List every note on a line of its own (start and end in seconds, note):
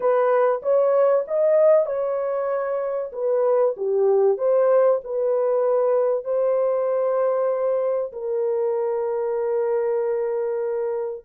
0.00 0.61 B4
0.62 1.24 C#5
1.27 1.86 D#5
1.86 3.11 C#5
3.12 3.74 B4
3.77 4.38 G4
4.38 5.00 C5
5.04 6.24 B4
6.24 8.12 C5
8.12 11.24 A#4